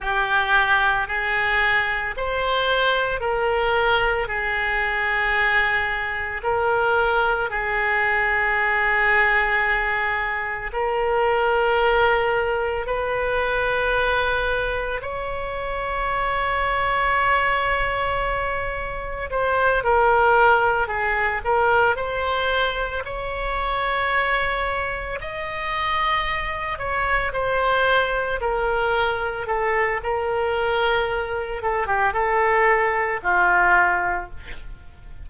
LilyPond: \new Staff \with { instrumentName = "oboe" } { \time 4/4 \tempo 4 = 56 g'4 gis'4 c''4 ais'4 | gis'2 ais'4 gis'4~ | gis'2 ais'2 | b'2 cis''2~ |
cis''2 c''8 ais'4 gis'8 | ais'8 c''4 cis''2 dis''8~ | dis''4 cis''8 c''4 ais'4 a'8 | ais'4. a'16 g'16 a'4 f'4 | }